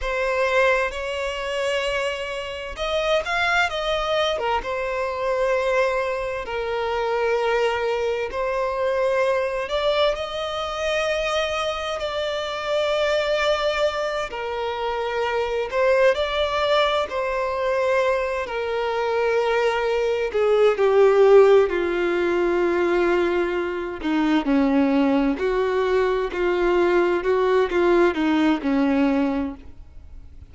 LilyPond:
\new Staff \with { instrumentName = "violin" } { \time 4/4 \tempo 4 = 65 c''4 cis''2 dis''8 f''8 | dis''8. ais'16 c''2 ais'4~ | ais'4 c''4. d''8 dis''4~ | dis''4 d''2~ d''8 ais'8~ |
ais'4 c''8 d''4 c''4. | ais'2 gis'8 g'4 f'8~ | f'2 dis'8 cis'4 fis'8~ | fis'8 f'4 fis'8 f'8 dis'8 cis'4 | }